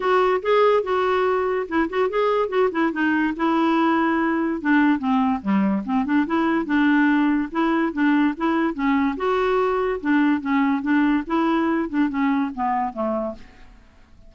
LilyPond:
\new Staff \with { instrumentName = "clarinet" } { \time 4/4 \tempo 4 = 144 fis'4 gis'4 fis'2 | e'8 fis'8 gis'4 fis'8 e'8 dis'4 | e'2. d'4 | c'4 g4 c'8 d'8 e'4 |
d'2 e'4 d'4 | e'4 cis'4 fis'2 | d'4 cis'4 d'4 e'4~ | e'8 d'8 cis'4 b4 a4 | }